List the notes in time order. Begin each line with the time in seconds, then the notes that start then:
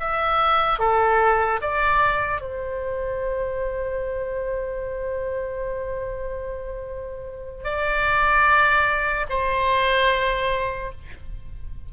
0.00 E5
0.79 A4
1.61 D5
2.41 C5
7.64 D5
9.29 C5